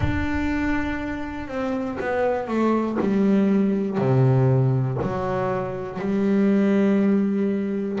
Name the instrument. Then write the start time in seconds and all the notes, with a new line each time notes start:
double bass
0.00 D4
1.47 C4
2.00 B3
2.47 A3
3.00 G3
3.98 C3
5.02 F#3
5.99 G3